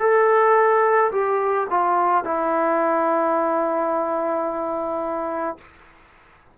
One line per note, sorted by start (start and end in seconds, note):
0.00 1.11 A4
1.12 1.67 G4
1.70 2.24 F4
2.24 5.58 E4